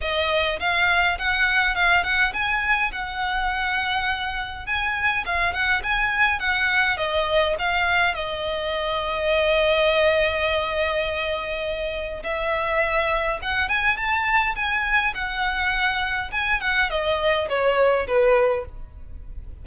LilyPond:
\new Staff \with { instrumentName = "violin" } { \time 4/4 \tempo 4 = 103 dis''4 f''4 fis''4 f''8 fis''8 | gis''4 fis''2. | gis''4 f''8 fis''8 gis''4 fis''4 | dis''4 f''4 dis''2~ |
dis''1~ | dis''4 e''2 fis''8 gis''8 | a''4 gis''4 fis''2 | gis''8 fis''8 dis''4 cis''4 b'4 | }